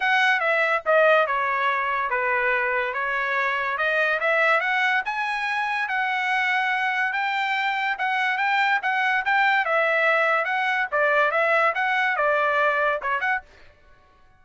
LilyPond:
\new Staff \with { instrumentName = "trumpet" } { \time 4/4 \tempo 4 = 143 fis''4 e''4 dis''4 cis''4~ | cis''4 b'2 cis''4~ | cis''4 dis''4 e''4 fis''4 | gis''2 fis''2~ |
fis''4 g''2 fis''4 | g''4 fis''4 g''4 e''4~ | e''4 fis''4 d''4 e''4 | fis''4 d''2 cis''8 fis''8 | }